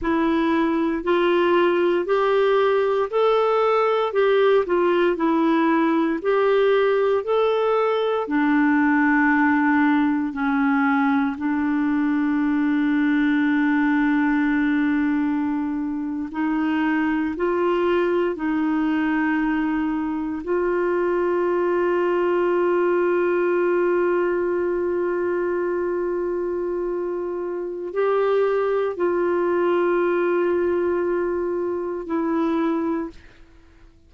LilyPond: \new Staff \with { instrumentName = "clarinet" } { \time 4/4 \tempo 4 = 58 e'4 f'4 g'4 a'4 | g'8 f'8 e'4 g'4 a'4 | d'2 cis'4 d'4~ | d'2.~ d'8. dis'16~ |
dis'8. f'4 dis'2 f'16~ | f'1~ | f'2. g'4 | f'2. e'4 | }